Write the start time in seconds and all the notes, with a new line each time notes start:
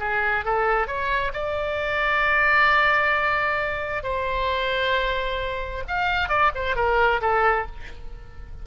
0.00 G#4
0.45 A4
0.87 C#5
1.33 D5
4.03 C5
5.88 F5
6.29 D5
6.55 C5
6.76 A#4
7.22 A4